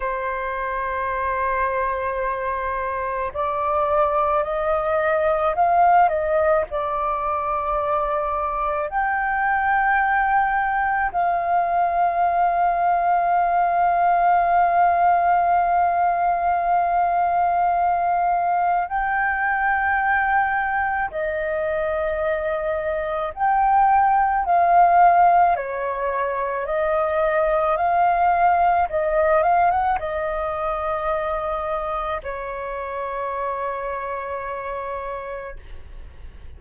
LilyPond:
\new Staff \with { instrumentName = "flute" } { \time 4/4 \tempo 4 = 54 c''2. d''4 | dis''4 f''8 dis''8 d''2 | g''2 f''2~ | f''1~ |
f''4 g''2 dis''4~ | dis''4 g''4 f''4 cis''4 | dis''4 f''4 dis''8 f''16 fis''16 dis''4~ | dis''4 cis''2. | }